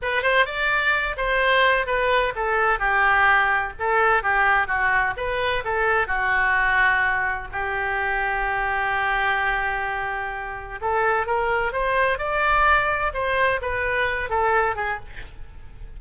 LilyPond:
\new Staff \with { instrumentName = "oboe" } { \time 4/4 \tempo 4 = 128 b'8 c''8 d''4. c''4. | b'4 a'4 g'2 | a'4 g'4 fis'4 b'4 | a'4 fis'2. |
g'1~ | g'2. a'4 | ais'4 c''4 d''2 | c''4 b'4. a'4 gis'8 | }